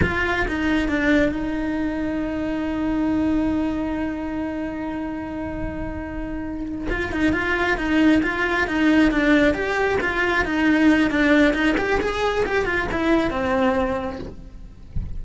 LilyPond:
\new Staff \with { instrumentName = "cello" } { \time 4/4 \tempo 4 = 135 f'4 dis'4 d'4 dis'4~ | dis'1~ | dis'1~ | dis'2.~ dis'8 f'8 |
dis'8 f'4 dis'4 f'4 dis'8~ | dis'8 d'4 g'4 f'4 dis'8~ | dis'4 d'4 dis'8 g'8 gis'4 | g'8 f'8 e'4 c'2 | }